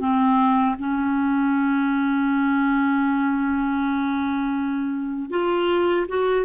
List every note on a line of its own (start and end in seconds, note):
0.00 0.76 C4
0.78 5.30 C#4
5.30 6.06 F4
6.08 6.45 F#4